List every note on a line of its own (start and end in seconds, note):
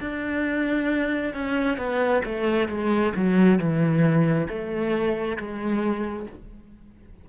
0.00 1.34 D4
1.34 1.77 C#4
1.77 2.22 B3
2.25 2.68 A3
2.68 3.13 G#3
3.16 3.58 F#3
3.58 4.48 E3
4.49 5.37 A3
5.37 6.26 G#3